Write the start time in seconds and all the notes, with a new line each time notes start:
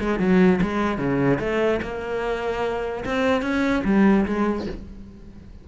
0.00 G#3
0.19 F#3
0.62 G#3
0.98 C#3
1.39 A3
1.82 A#3
3.05 C4
3.42 C#4
3.84 G3
4.26 G#3